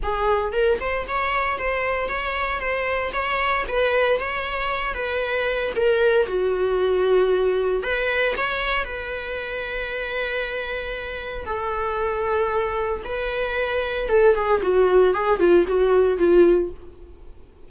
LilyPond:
\new Staff \with { instrumentName = "viola" } { \time 4/4 \tempo 4 = 115 gis'4 ais'8 c''8 cis''4 c''4 | cis''4 c''4 cis''4 b'4 | cis''4. b'4. ais'4 | fis'2. b'4 |
cis''4 b'2.~ | b'2 a'2~ | a'4 b'2 a'8 gis'8 | fis'4 gis'8 f'8 fis'4 f'4 | }